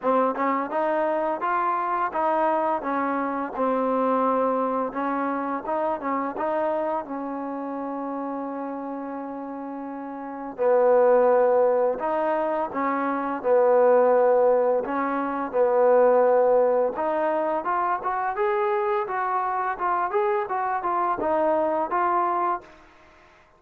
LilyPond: \new Staff \with { instrumentName = "trombone" } { \time 4/4 \tempo 4 = 85 c'8 cis'8 dis'4 f'4 dis'4 | cis'4 c'2 cis'4 | dis'8 cis'8 dis'4 cis'2~ | cis'2. b4~ |
b4 dis'4 cis'4 b4~ | b4 cis'4 b2 | dis'4 f'8 fis'8 gis'4 fis'4 | f'8 gis'8 fis'8 f'8 dis'4 f'4 | }